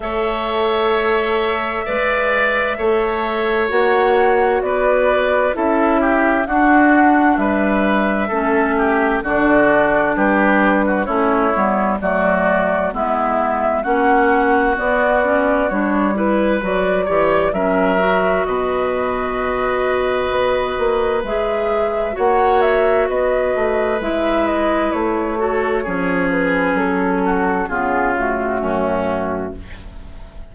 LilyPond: <<
  \new Staff \with { instrumentName = "flute" } { \time 4/4 \tempo 4 = 65 e''1 | fis''4 d''4 e''4 fis''4 | e''2 d''4 b'4 | cis''4 d''4 e''4 fis''4 |
d''4 cis''8 b'8 d''4 e''4 | dis''2. e''4 | fis''8 e''8 dis''4 e''8 dis''8 cis''4~ | cis''8 b'8 a'4 gis'8 fis'4. | }
  \new Staff \with { instrumentName = "oboe" } { \time 4/4 cis''2 d''4 cis''4~ | cis''4 b'4 a'8 g'8 fis'4 | b'4 a'8 g'8 fis'4 g'8. fis'16 | e'4 fis'4 e'4 fis'4~ |
fis'4. b'4 cis''8 ais'4 | b'1 | cis''4 b'2~ b'8 a'8 | gis'4. fis'8 f'4 cis'4 | }
  \new Staff \with { instrumentName = "clarinet" } { \time 4/4 a'2 b'4 a'4 | fis'2 e'4 d'4~ | d'4 cis'4 d'2 | cis'8 b8 a4 b4 cis'4 |
b8 cis'8 d'8 e'8 fis'8 g'8 cis'8 fis'8~ | fis'2. gis'4 | fis'2 e'4. fis'8 | cis'2 b8 a4. | }
  \new Staff \with { instrumentName = "bassoon" } { \time 4/4 a2 gis4 a4 | ais4 b4 cis'4 d'4 | g4 a4 d4 g4 | a8 g8 fis4 gis4 ais4 |
b4 g4 fis8 e8 fis4 | b,2 b8 ais8 gis4 | ais4 b8 a8 gis4 a4 | f4 fis4 cis4 fis,4 | }
>>